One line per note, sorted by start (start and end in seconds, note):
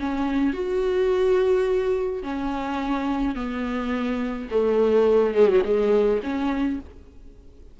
0.00 0.53 C#4
0.53 2.23 F#4
2.23 3.36 C#4
3.36 4.49 B3
4.51 5.35 A3
5.35 5.49 G#3
5.49 5.63 F#3
5.65 6.21 G#3
6.23 6.80 C#4